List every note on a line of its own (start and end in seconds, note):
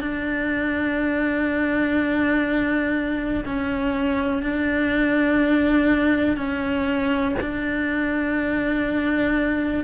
0.00 3.44 D4
3.45 4.42 C#4
4.42 6.37 D4
6.37 7.35 C#4
7.41 9.84 D4